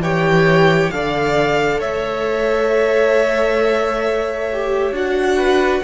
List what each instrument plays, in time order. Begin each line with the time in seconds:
0.00 cello E3, viola G4, violin C#5 G5
0.91 cello D3, viola A4, violin D5 F5
1.79 cello A3, violin C#5 E5
4.52 viola G4
4.92 cello D4, viola F#4, violin F#5
5.36 violin B4